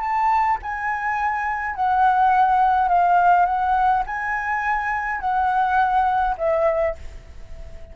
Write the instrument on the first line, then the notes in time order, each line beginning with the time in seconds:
flute
0.00 A5
0.62 G#5
1.75 F#5
2.88 F5
3.45 F#5
4.06 G#5
5.20 F#5
6.37 E5